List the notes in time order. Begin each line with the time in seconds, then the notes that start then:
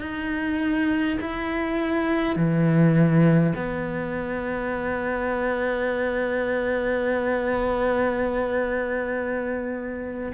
0.00 D#4
1.20 E4
2.35 E3
3.55 B3